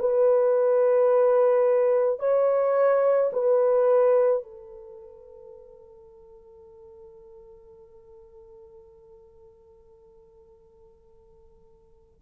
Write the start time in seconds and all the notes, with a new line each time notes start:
0.00 B4
2.20 C#5
3.33 B4
4.43 A4